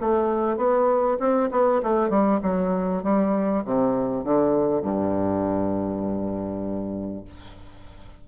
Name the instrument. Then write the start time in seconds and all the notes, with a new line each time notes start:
bassoon
0.00 A3
0.57 B3
1.19 C4
1.51 B3
1.82 A3
2.09 G3
2.42 F#3
3.03 G3
3.64 C3
4.24 D3
4.82 G2